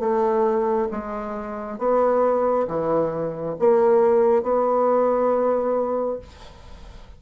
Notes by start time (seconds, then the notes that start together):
0.00 A3
0.91 G#3
1.79 B3
2.68 E3
3.59 A#3
4.43 B3